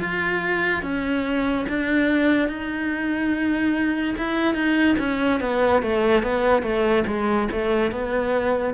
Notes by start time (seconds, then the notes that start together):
0.00 F4
0.83 C#4
1.69 D4
2.49 D#4
4.18 E4
4.55 D#4
4.99 C#4
5.41 B3
5.83 A3
6.23 B3
6.63 A3
7.07 G#3
7.52 A3
7.92 B3